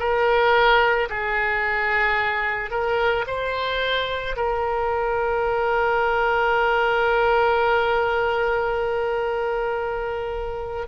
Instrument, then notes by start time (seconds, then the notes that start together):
oboe
0.00 A#4
1.10 G#4
2.71 A#4
3.27 C5
4.36 A#4